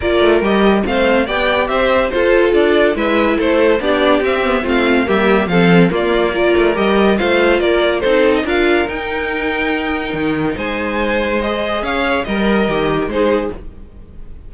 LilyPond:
<<
  \new Staff \with { instrumentName = "violin" } { \time 4/4 \tempo 4 = 142 d''4 dis''4 f''4 g''4 | e''4 c''4 d''4 e''4 | c''4 d''4 e''4 f''4 | e''4 f''4 d''2 |
dis''4 f''4 d''4 c''8. dis''16 | f''4 g''2.~ | g''4 gis''2 dis''4 | f''4 dis''2 c''4 | }
  \new Staff \with { instrumentName = "violin" } { \time 4/4 ais'2 c''4 d''4 | c''4 a'2 b'4 | a'4 g'2 f'4 | g'4 a'4 f'4 ais'4~ |
ais'4 c''4 ais'4 a'4 | ais'1~ | ais'4 c''2. | cis''4 ais'2 gis'4 | }
  \new Staff \with { instrumentName = "viola" } { \time 4/4 f'4 g'4 c'4 g'4~ | g'4 f'2 e'4~ | e'4 d'4 c'8 b8 c'4 | ais4 c'4 ais4 f'4 |
g'4 f'2 dis'4 | f'4 dis'2.~ | dis'2. gis'4~ | gis'4 ais'4 g'4 dis'4 | }
  \new Staff \with { instrumentName = "cello" } { \time 4/4 ais8 a8 g4 a4 b4 | c'4 f'4 d'4 gis4 | a4 b4 c'4 a4 | g4 f4 ais4. a8 |
g4 a4 ais4 c'4 | d'4 dis'2. | dis4 gis2. | cis'4 g4 dis4 gis4 | }
>>